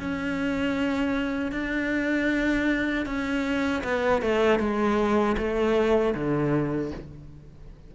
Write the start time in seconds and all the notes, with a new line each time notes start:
0.00 C#4
1.52 D4
3.06 C#4
3.84 B3
4.22 A3
4.60 G#3
5.38 A3
6.15 D3